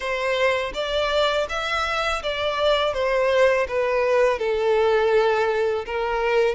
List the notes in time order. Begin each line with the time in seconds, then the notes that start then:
0.00 C5
0.74 D5
1.49 E5
2.23 D5
2.93 C5
3.68 B4
4.39 A4
5.85 A#4